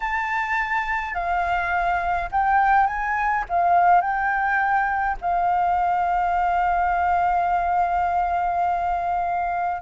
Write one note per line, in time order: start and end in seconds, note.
0.00 1.14 A5
1.14 2.29 F5
2.31 2.86 G5
2.86 3.44 G#5
3.49 4.01 F5
4.01 5.16 G5
5.21 9.81 F5